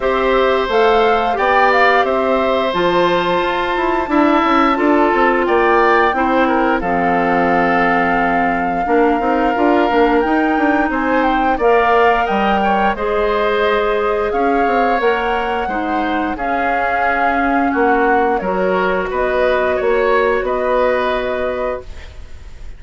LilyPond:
<<
  \new Staff \with { instrumentName = "flute" } { \time 4/4 \tempo 4 = 88 e''4 f''4 g''8 f''8 e''4 | a''1 | g''2 f''2~ | f''2. g''4 |
gis''8 g''8 f''4 g''4 dis''4~ | dis''4 f''4 fis''2 | f''2 fis''4 cis''4 | dis''4 cis''4 dis''2 | }
  \new Staff \with { instrumentName = "oboe" } { \time 4/4 c''2 d''4 c''4~ | c''2 e''4 a'4 | d''4 c''8 ais'8 a'2~ | a'4 ais'2. |
c''4 d''4 dis''8 cis''8 c''4~ | c''4 cis''2 c''4 | gis'2 fis'4 ais'4 | b'4 cis''4 b'2 | }
  \new Staff \with { instrumentName = "clarinet" } { \time 4/4 g'4 a'4 g'2 | f'2 e'4 f'4~ | f'4 e'4 c'2~ | c'4 d'8 dis'8 f'8 d'8 dis'4~ |
dis'4 ais'2 gis'4~ | gis'2 ais'4 dis'4 | cis'2. fis'4~ | fis'1 | }
  \new Staff \with { instrumentName = "bassoon" } { \time 4/4 c'4 a4 b4 c'4 | f4 f'8 e'8 d'8 cis'8 d'8 c'8 | ais4 c'4 f2~ | f4 ais8 c'8 d'8 ais8 dis'8 d'8 |
c'4 ais4 g4 gis4~ | gis4 cis'8 c'8 ais4 gis4 | cis'2 ais4 fis4 | b4 ais4 b2 | }
>>